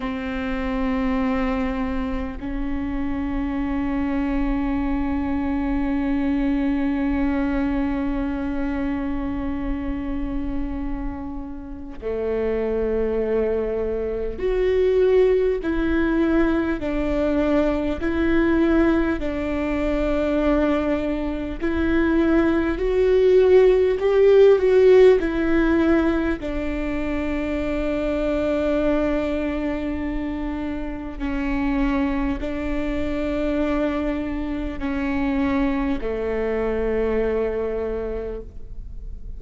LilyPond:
\new Staff \with { instrumentName = "viola" } { \time 4/4 \tempo 4 = 50 c'2 cis'2~ | cis'1~ | cis'2 a2 | fis'4 e'4 d'4 e'4 |
d'2 e'4 fis'4 | g'8 fis'8 e'4 d'2~ | d'2 cis'4 d'4~ | d'4 cis'4 a2 | }